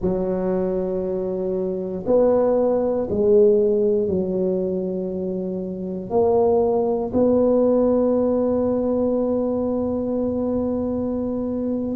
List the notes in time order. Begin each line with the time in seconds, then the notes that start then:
0.00 F#3
2.06 B3
3.10 G#3
4.08 F#3
6.10 A#3
7.13 B3